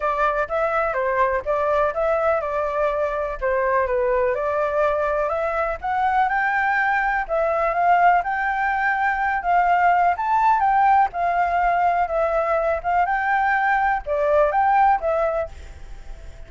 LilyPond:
\new Staff \with { instrumentName = "flute" } { \time 4/4 \tempo 4 = 124 d''4 e''4 c''4 d''4 | e''4 d''2 c''4 | b'4 d''2 e''4 | fis''4 g''2 e''4 |
f''4 g''2~ g''8 f''8~ | f''4 a''4 g''4 f''4~ | f''4 e''4. f''8 g''4~ | g''4 d''4 g''4 e''4 | }